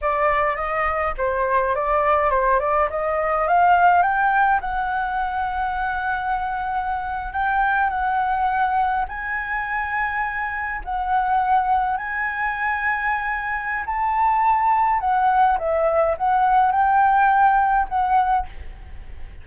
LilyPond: \new Staff \with { instrumentName = "flute" } { \time 4/4 \tempo 4 = 104 d''4 dis''4 c''4 d''4 | c''8 d''8 dis''4 f''4 g''4 | fis''1~ | fis''8. g''4 fis''2 gis''16~ |
gis''2~ gis''8. fis''4~ fis''16~ | fis''8. gis''2.~ gis''16 | a''2 fis''4 e''4 | fis''4 g''2 fis''4 | }